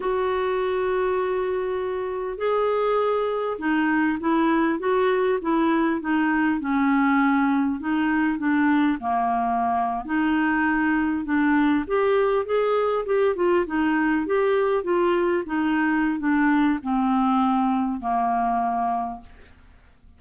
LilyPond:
\new Staff \with { instrumentName = "clarinet" } { \time 4/4 \tempo 4 = 100 fis'1 | gis'2 dis'4 e'4 | fis'4 e'4 dis'4 cis'4~ | cis'4 dis'4 d'4 ais4~ |
ais8. dis'2 d'4 g'16~ | g'8. gis'4 g'8 f'8 dis'4 g'16~ | g'8. f'4 dis'4~ dis'16 d'4 | c'2 ais2 | }